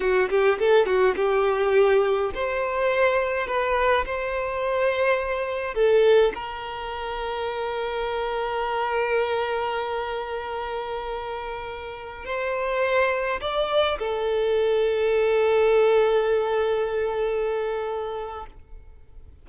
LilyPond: \new Staff \with { instrumentName = "violin" } { \time 4/4 \tempo 4 = 104 fis'8 g'8 a'8 fis'8 g'2 | c''2 b'4 c''4~ | c''2 a'4 ais'4~ | ais'1~ |
ais'1~ | ais'4~ ais'16 c''2 d''8.~ | d''16 a'2.~ a'8.~ | a'1 | }